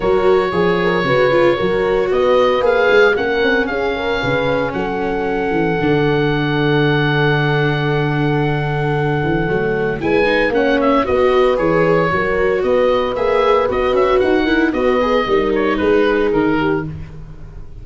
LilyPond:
<<
  \new Staff \with { instrumentName = "oboe" } { \time 4/4 \tempo 4 = 114 cis''1 | dis''4 f''4 fis''4 f''4~ | f''4 fis''2.~ | fis''1~ |
fis''2. gis''4 | fis''8 e''8 dis''4 cis''2 | dis''4 e''4 dis''8 e''8 fis''4 | dis''4. cis''8 b'4 ais'4 | }
  \new Staff \with { instrumentName = "horn" } { \time 4/4 ais'4 gis'8 ais'8 b'4 ais'4 | b'2 ais'4 gis'8 ais'8 | b'4 a'2.~ | a'1~ |
a'2. b'4 | cis''4 b'2 ais'4 | b'2.~ b'8 ais'8 | b'4 ais'4 gis'4. g'8 | }
  \new Staff \with { instrumentName = "viola" } { \time 4/4 fis'4 gis'4 fis'8 f'8 fis'4~ | fis'4 gis'4 cis'2~ | cis'2. d'4~ | d'1~ |
d'2 a4 e'8 dis'8 | cis'4 fis'4 gis'4 fis'4~ | fis'4 gis'4 fis'4. e'8 | fis'8 gis'8 dis'2. | }
  \new Staff \with { instrumentName = "tuba" } { \time 4/4 fis4 f4 cis4 fis4 | b4 ais8 gis8 ais8 c'8 cis'4 | cis4 fis4. e8 d4~ | d1~ |
d4. e8 fis4 gis4 | ais4 b4 e4 fis4 | b4 ais4 b8 cis'8 dis'4 | b4 g4 gis4 dis4 | }
>>